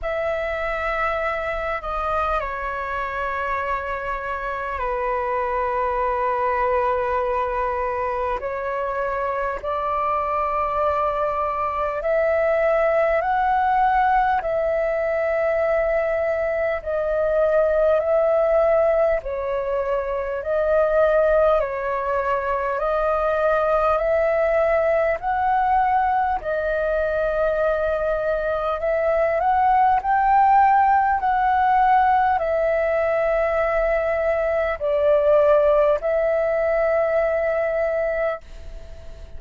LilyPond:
\new Staff \with { instrumentName = "flute" } { \time 4/4 \tempo 4 = 50 e''4. dis''8 cis''2 | b'2. cis''4 | d''2 e''4 fis''4 | e''2 dis''4 e''4 |
cis''4 dis''4 cis''4 dis''4 | e''4 fis''4 dis''2 | e''8 fis''8 g''4 fis''4 e''4~ | e''4 d''4 e''2 | }